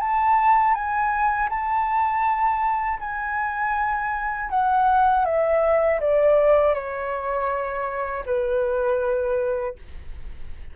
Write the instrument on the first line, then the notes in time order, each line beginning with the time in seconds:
flute
0.00 A5
0.74 G#5
1.49 A5
2.99 G#5
4.50 F#5
5.25 E5
6.00 D5
6.74 C#5
8.25 B4